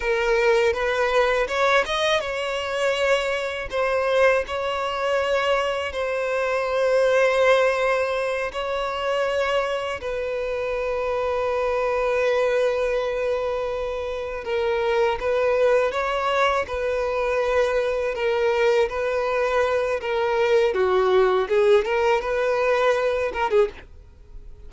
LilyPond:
\new Staff \with { instrumentName = "violin" } { \time 4/4 \tempo 4 = 81 ais'4 b'4 cis''8 dis''8 cis''4~ | cis''4 c''4 cis''2 | c''2.~ c''8 cis''8~ | cis''4. b'2~ b'8~ |
b'2.~ b'8 ais'8~ | ais'8 b'4 cis''4 b'4.~ | b'8 ais'4 b'4. ais'4 | fis'4 gis'8 ais'8 b'4. ais'16 gis'16 | }